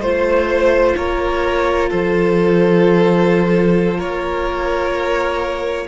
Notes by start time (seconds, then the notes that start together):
0.00 A3 F4 C5
0.96 A#3 A#4 C#5
1.89 F3 A4 C5
3.98 A#3 A#4 C#5